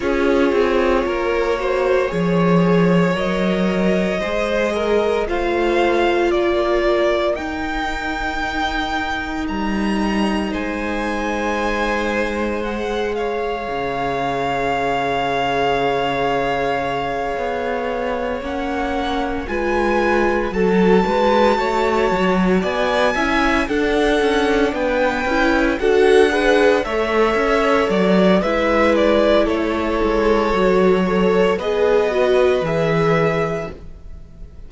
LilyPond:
<<
  \new Staff \with { instrumentName = "violin" } { \time 4/4 \tempo 4 = 57 cis''2. dis''4~ | dis''4 f''4 d''4 g''4~ | g''4 ais''4 gis''2 | fis''8 f''2.~ f''8~ |
f''4. fis''4 gis''4 a''8~ | a''4. gis''4 fis''4 g''8~ | g''8 fis''4 e''4 d''8 e''8 d''8 | cis''2 dis''4 e''4 | }
  \new Staff \with { instrumentName = "violin" } { \time 4/4 gis'4 ais'8 c''8 cis''2 | c''8 ais'8 c''4 ais'2~ | ais'2 c''2~ | c''8 cis''2.~ cis''8~ |
cis''2~ cis''8 b'4 a'8 | b'8 cis''4 d''8 e''8 a'4 b'8~ | b'8 a'8 b'8 cis''4. b'4 | a'4. cis''8 b'2 | }
  \new Staff \with { instrumentName = "viola" } { \time 4/4 f'4. fis'8 gis'4 ais'4 | gis'4 f'2 dis'4~ | dis'1 | gis'1~ |
gis'4. cis'4 f'4 fis'8~ | fis'2 e'8 d'4. | e'8 fis'8 gis'8 a'4. e'4~ | e'4 fis'8 a'8 gis'8 fis'8 gis'4 | }
  \new Staff \with { instrumentName = "cello" } { \time 4/4 cis'8 c'8 ais4 f4 fis4 | gis4 a4 ais4 dis'4~ | dis'4 g4 gis2~ | gis4 cis2.~ |
cis8 b4 ais4 gis4 fis8 | gis8 a8 fis8 b8 cis'8 d'8 cis'8 b8 | cis'8 d'4 a8 cis'8 fis8 gis4 | a8 gis8 fis4 b4 e4 | }
>>